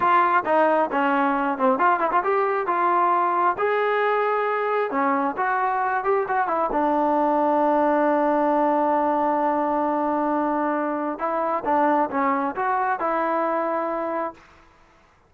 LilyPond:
\new Staff \with { instrumentName = "trombone" } { \time 4/4 \tempo 4 = 134 f'4 dis'4 cis'4. c'8 | f'8 e'16 f'16 g'4 f'2 | gis'2. cis'4 | fis'4. g'8 fis'8 e'8 d'4~ |
d'1~ | d'1~ | d'4 e'4 d'4 cis'4 | fis'4 e'2. | }